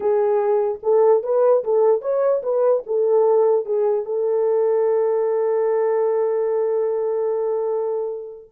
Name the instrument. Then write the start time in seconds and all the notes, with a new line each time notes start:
horn
0.00 G#4
0.82 A4
1.23 B4
1.63 A4
2.01 C#5
2.43 B4
2.86 A4
3.65 G#4
4.05 A4